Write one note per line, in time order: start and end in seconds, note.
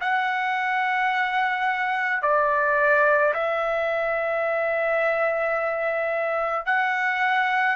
0.00 2.22 F#5
2.22 3.33 D5
3.33 6.66 E5
6.66 7.75 F#5